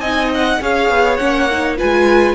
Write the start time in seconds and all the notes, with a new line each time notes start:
0.00 C4 D#4 D#5 G#5
0.34 F#5
0.61 C#4 G#4 C#5 F5
0.90 B3
1.17 A#3 C#4 F#5
1.51 D#4
1.77 G#3 F4 B4 G#5